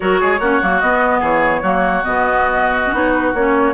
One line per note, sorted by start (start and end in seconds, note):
0.00 0.21 F#3
0.00 0.37 F#4
0.00 0.20 A#4
0.00 0.79 C#5
0.20 0.39 G#3
0.20 0.40 G#4
0.39 0.60 A#3
0.39 0.61 C#4
0.39 1.20 F#4
0.61 0.82 F#3
0.61 0.82 A#3
0.79 1.21 B3
0.79 1.63 B3
0.79 1.20 D#5
1.20 1.61 E3
1.20 1.60 G#4
1.20 2.03 C#5
1.62 2.03 F#3
1.62 2.03 A#3
1.62 3.74 F#4
2.03 2.92 B2
2.03 2.84 B3
2.03 2.94 D#5
2.85 2.93 C#4
2.92 3.33 B3
2.92 3.34 D#4
2.92 3.11 C#5
3.11 3.31 B4
3.34 3.74 A#3
3.34 3.74 C#4
3.34 3.74 C#5